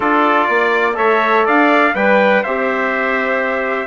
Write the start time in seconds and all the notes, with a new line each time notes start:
0.00 D4 F4 A4 D5
0.46 A#3 D5
0.94 A3 A4 C#5 E5
1.45 D4 D5 F5
1.94 G3 B4 G5
2.42 C4 G4 C5 E5